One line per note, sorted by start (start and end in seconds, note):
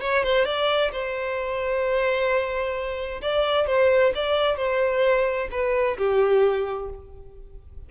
0.00 0.23 C#5
0.23 0.45 C5
0.45 0.91 D5
0.92 3.21 C5
3.21 3.67 D5
3.67 4.12 C5
4.14 4.56 D5
4.56 5.48 C5
5.51 5.97 B4
5.97 6.89 G4